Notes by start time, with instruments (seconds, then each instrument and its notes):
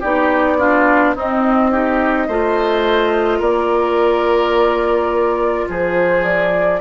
0.00 bassoon B3, clarinet D#4, oboe G4, flute D5
0.58 clarinet D4, oboe F4
1.15 bassoon C4, clarinet C4, oboe D#4, flute D#5
1.71 clarinet D#4, oboe G4
2.27 bassoon A3, clarinet F4, oboe C5
3.39 bassoon A#3, oboe A#4, flute D5
5.68 bassoon F3, oboe G#4, flute C5
6.24 flute D5